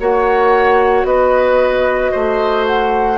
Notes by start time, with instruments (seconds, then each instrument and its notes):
0.00 bassoon A#3, clarinet F#4, oboe C#5, flute F#5
1.04 bassoon B3, oboe B4, flute D#5
2.12 bassoon A3, oboe C5
2.67 flute F#5